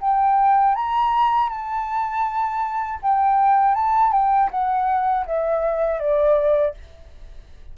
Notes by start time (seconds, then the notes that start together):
0.00 G5
0.75 A#5
1.49 A5
3.02 G5
3.74 A5
4.12 G5
4.50 F#5
5.26 E5
5.99 D5